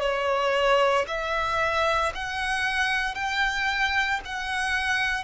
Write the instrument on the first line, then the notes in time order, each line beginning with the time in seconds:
violin
0.00 C#5
1.07 E5
2.14 F#5
3.14 G5
4.24 F#5